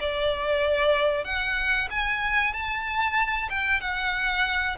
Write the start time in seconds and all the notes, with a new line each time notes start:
0.00 D5
1.24 F#5
1.90 G#5
2.53 A5
3.50 G5
3.81 F#5